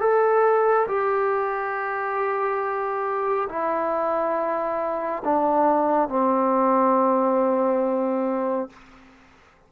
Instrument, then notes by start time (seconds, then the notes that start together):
trombone
0.00 A4
0.88 G4
3.49 E4
5.25 D4
6.09 C4